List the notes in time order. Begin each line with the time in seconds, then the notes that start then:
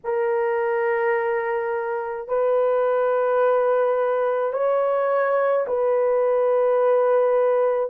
0.04 A#4
2.27 B4
4.52 C#5
5.67 B4